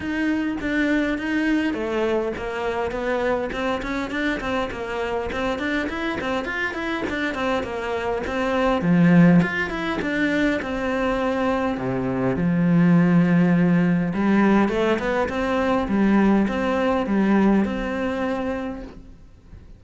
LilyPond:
\new Staff \with { instrumentName = "cello" } { \time 4/4 \tempo 4 = 102 dis'4 d'4 dis'4 a4 | ais4 b4 c'8 cis'8 d'8 c'8 | ais4 c'8 d'8 e'8 c'8 f'8 e'8 | d'8 c'8 ais4 c'4 f4 |
f'8 e'8 d'4 c'2 | c4 f2. | g4 a8 b8 c'4 g4 | c'4 g4 c'2 | }